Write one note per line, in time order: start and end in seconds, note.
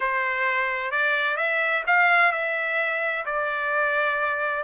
0.00 0.91 C5
0.91 1.37 D5
1.37 1.83 E5
1.86 2.32 F5
2.32 3.25 E5
3.25 4.63 D5